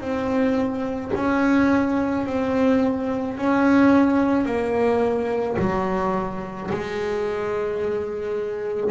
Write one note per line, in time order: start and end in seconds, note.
0.00 1.11 C4
1.15 2.26 C#4
2.26 3.37 C4
3.37 4.45 C#4
4.45 5.56 A#3
5.59 6.70 F#3
6.71 8.90 G#3